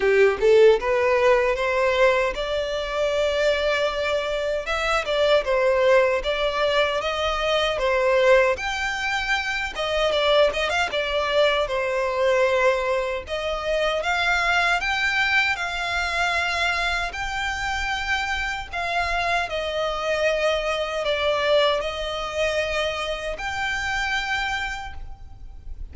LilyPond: \new Staff \with { instrumentName = "violin" } { \time 4/4 \tempo 4 = 77 g'8 a'8 b'4 c''4 d''4~ | d''2 e''8 d''8 c''4 | d''4 dis''4 c''4 g''4~ | g''8 dis''8 d''8 dis''16 f''16 d''4 c''4~ |
c''4 dis''4 f''4 g''4 | f''2 g''2 | f''4 dis''2 d''4 | dis''2 g''2 | }